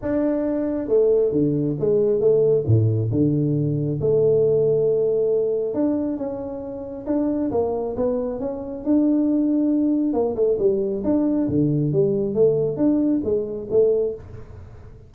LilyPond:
\new Staff \with { instrumentName = "tuba" } { \time 4/4 \tempo 4 = 136 d'2 a4 d4 | gis4 a4 a,4 d4~ | d4 a2.~ | a4 d'4 cis'2 |
d'4 ais4 b4 cis'4 | d'2. ais8 a8 | g4 d'4 d4 g4 | a4 d'4 gis4 a4 | }